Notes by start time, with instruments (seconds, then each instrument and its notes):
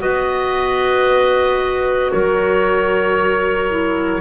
0.00 double bass B3, clarinet F#4 B4, oboe D#5
2.12 double bass F#3, clarinet A#4, oboe C#5
3.70 clarinet E4